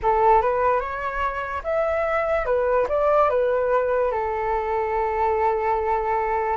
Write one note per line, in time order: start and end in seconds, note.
0.02 0.41 A4
0.41 0.80 B4
0.80 1.62 C#5
1.63 2.45 E5
2.45 2.86 B4
2.88 3.29 D5
3.29 4.11 B4
4.11 6.57 A4